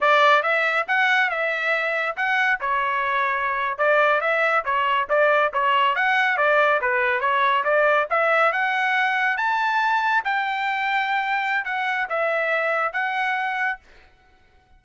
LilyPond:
\new Staff \with { instrumentName = "trumpet" } { \time 4/4 \tempo 4 = 139 d''4 e''4 fis''4 e''4~ | e''4 fis''4 cis''2~ | cis''8. d''4 e''4 cis''4 d''16~ | d''8. cis''4 fis''4 d''4 b'16~ |
b'8. cis''4 d''4 e''4 fis''16~ | fis''4.~ fis''16 a''2 g''16~ | g''2. fis''4 | e''2 fis''2 | }